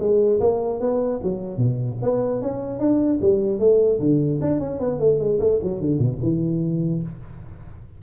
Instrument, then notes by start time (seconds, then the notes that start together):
tuba
0.00 G#3
0.40 A#3
0.80 B3
1.23 F#3
1.58 B2
2.02 B3
2.42 C#4
2.80 D4
3.21 G3
3.59 A3
4.00 D3
4.42 D4
4.60 C#4
4.80 B3
5.00 A3
5.19 G#3
5.40 A3
5.63 F#3
5.81 D3
5.99 B2
6.23 E3